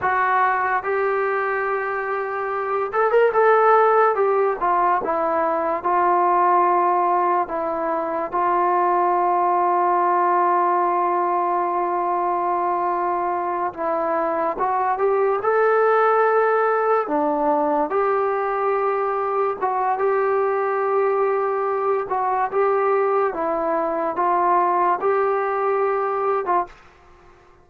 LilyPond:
\new Staff \with { instrumentName = "trombone" } { \time 4/4 \tempo 4 = 72 fis'4 g'2~ g'8 a'16 ais'16 | a'4 g'8 f'8 e'4 f'4~ | f'4 e'4 f'2~ | f'1~ |
f'8 e'4 fis'8 g'8 a'4.~ | a'8 d'4 g'2 fis'8 | g'2~ g'8 fis'8 g'4 | e'4 f'4 g'4.~ g'16 f'16 | }